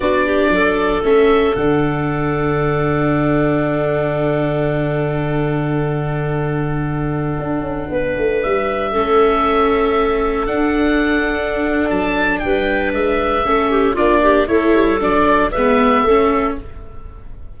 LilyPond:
<<
  \new Staff \with { instrumentName = "oboe" } { \time 4/4 \tempo 4 = 116 d''2 e''4 fis''4~ | fis''1~ | fis''1~ | fis''1~ |
fis''16 e''2.~ e''8.~ | e''16 fis''2~ fis''8. a''4 | g''4 e''2 d''4 | cis''4 d''4 e''2 | }
  \new Staff \with { instrumentName = "clarinet" } { \time 4/4 fis'8 g'8 a'2.~ | a'1~ | a'1~ | a'2.~ a'16 b'8.~ |
b'4~ b'16 a'2~ a'8.~ | a'1 | b'2 a'8 g'8 f'8 g'8 | a'2 b'4 a'4 | }
  \new Staff \with { instrumentName = "viola" } { \time 4/4 d'2 cis'4 d'4~ | d'1~ | d'1~ | d'1~ |
d'4~ d'16 cis'2~ cis'8.~ | cis'16 d'2.~ d'8.~ | d'2 cis'4 d'4 | e'4 d'4 b4 cis'4 | }
  \new Staff \with { instrumentName = "tuba" } { \time 4/4 b4 fis4 a4 d4~ | d1~ | d1~ | d2~ d16 d'8 cis'8 b8 a16~ |
a16 g4 a2~ a8.~ | a16 d'2~ d'8. fis4 | g4 gis4 a4 ais4 | a8 g8 fis4 gis4 a4 | }
>>